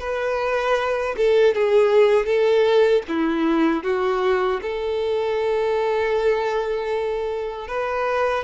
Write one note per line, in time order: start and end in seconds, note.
0.00 1.15 B4
1.17 1.55 A4
1.55 2.26 G#4
2.26 3.03 A4
3.08 3.84 E4
3.84 4.60 F#4
4.62 7.68 A4
7.68 8.44 B4